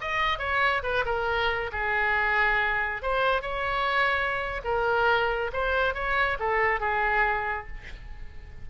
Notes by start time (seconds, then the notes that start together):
0.00 D#5
0.38 C#5
0.83 B4
1.05 A#4
1.72 G#4
3.02 C5
3.42 C#5
4.64 A#4
5.53 C5
5.94 C#5
6.39 A4
6.80 G#4